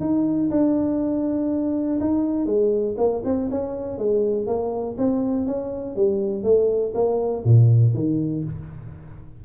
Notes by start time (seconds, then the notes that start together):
0.00 D#4
0.51 D4
2.00 D#4
2.46 G#3
2.97 A#3
3.25 C4
3.50 C#4
3.98 G#3
4.47 A#3
4.98 C4
5.46 C#4
5.95 G3
6.43 A3
6.94 A#3
7.44 A#2
7.94 D#3